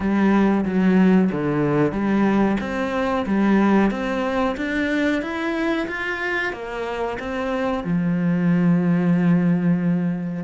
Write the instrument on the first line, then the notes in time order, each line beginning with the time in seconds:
cello
0.00 G3
0.65 F#3
1.32 D3
1.92 G3
2.60 C4
3.26 G3
3.90 C4
4.56 D4
5.22 E4
5.87 F4
6.52 A#3
7.19 C4
7.84 F3